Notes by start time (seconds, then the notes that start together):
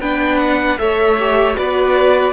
0.00 B3 D4 B4 G5
0.39 F#5
0.78 A3 A4 C#5 E5
1.19 G4
1.55 B3 F#4 B4 D5